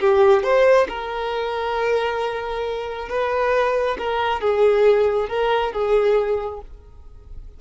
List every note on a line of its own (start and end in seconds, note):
0.00 0.43 G4
0.43 0.87 C5
0.89 3.09 A#4
3.09 3.97 B4
3.99 4.41 A#4
4.41 5.29 G#4
5.29 5.73 A#4
5.73 6.61 G#4